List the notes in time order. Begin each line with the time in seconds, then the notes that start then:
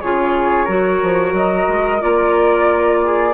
0.00 C#3 F4 G#4 C#5
0.65 F#3 F#4 A#4
1.02 F3
1.32 F#3 D#5
1.68 G#3
2.00 A#3 F4 D5
3.04 G#4